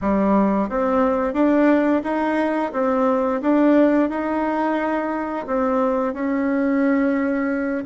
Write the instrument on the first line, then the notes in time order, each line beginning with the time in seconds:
bassoon
0.01 G3
0.69 C4
1.33 D4
2.03 D#4
2.73 C4
3.41 D4
4.09 D#4
5.46 C4
6.13 C#4